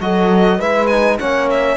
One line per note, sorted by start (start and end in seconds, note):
0.00 0.59 F#3
0.00 0.60 F#4
0.00 0.58 A4
0.00 0.60 D#5
0.58 1.19 G#3
0.58 0.90 E4
0.58 1.18 B4
0.58 0.86 E5
0.86 1.19 D#4
0.86 1.17 G#5
1.19 1.76 A#3
1.19 1.76 C#4
1.19 1.76 C#5
1.19 1.49 F#5
1.50 1.76 E5